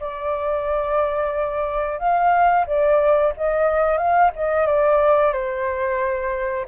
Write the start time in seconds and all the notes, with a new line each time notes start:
0.00 D5
1.99 F5
2.66 D5
3.37 D#5
3.98 F5
4.35 D#5
4.66 D5
5.33 C5